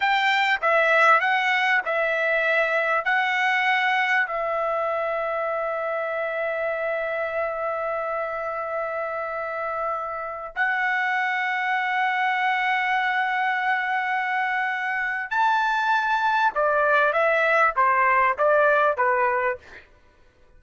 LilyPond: \new Staff \with { instrumentName = "trumpet" } { \time 4/4 \tempo 4 = 98 g''4 e''4 fis''4 e''4~ | e''4 fis''2 e''4~ | e''1~ | e''1~ |
e''4~ e''16 fis''2~ fis''8.~ | fis''1~ | fis''4 a''2 d''4 | e''4 c''4 d''4 b'4 | }